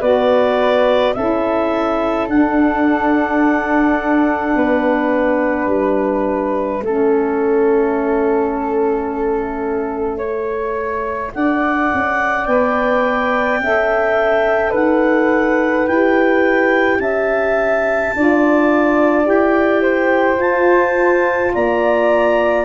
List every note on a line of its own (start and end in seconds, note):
0.00 1.15 B3
0.00 1.15 F#4
0.00 1.13 B4
0.00 1.14 D5
1.14 2.28 C#4
1.14 2.28 E4
1.14 4.56 A4
1.14 2.27 E5
2.28 4.54 D4
2.28 6.81 D4
2.28 5.69 F#5
4.56 5.66 B3
4.56 6.83 B4
5.66 6.79 G3
5.66 11.35 E5
6.81 11.34 A3
6.81 10.20 C#4
6.81 10.18 A4
10.18 12.46 A4
10.18 11.31 C#5
11.35 11.92 D4
11.35 13.62 D5
11.35 12.45 F#5
11.94 12.47 C#4
12.45 13.59 B3
12.45 13.59 B4
12.45 14.72 G5
13.59 14.72 C#4
13.59 15.89 A4
13.59 14.70 E5
14.70 15.87 D#4
14.70 16.97 B4
14.70 15.87 F#5
15.87 16.99 E4
15.87 18.15 G4
15.87 17.00 G5
16.99 18.12 C#4
16.99 18.15 E5
16.99 19.26 A5
18.15 19.27 D4
18.15 19.23 F4
18.15 19.82 D5
19.23 20.37 E4
19.23 20.36 G4
19.23 20.41 G5
19.82 21.51 C5
20.37 21.50 F4
20.37 21.54 A5
20.44 22.65 F4
21.54 22.65 A#3
21.54 22.65 D5
21.54 22.65 A#5